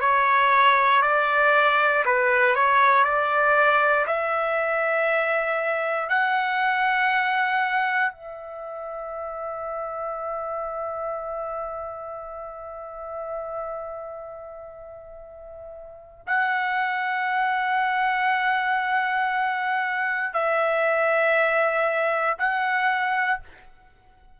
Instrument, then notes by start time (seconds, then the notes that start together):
trumpet
0.00 C#5
1.02 D5
2.05 B4
2.55 C#5
3.04 D5
4.07 E5
6.09 F#5
8.12 E5
16.27 F#5
20.33 E5
22.38 F#5